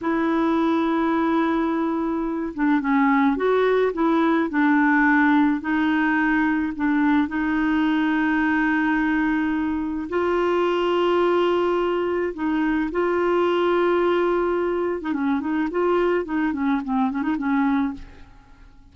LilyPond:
\new Staff \with { instrumentName = "clarinet" } { \time 4/4 \tempo 4 = 107 e'1~ | e'8 d'8 cis'4 fis'4 e'4 | d'2 dis'2 | d'4 dis'2.~ |
dis'2 f'2~ | f'2 dis'4 f'4~ | f'2~ f'8. dis'16 cis'8 dis'8 | f'4 dis'8 cis'8 c'8 cis'16 dis'16 cis'4 | }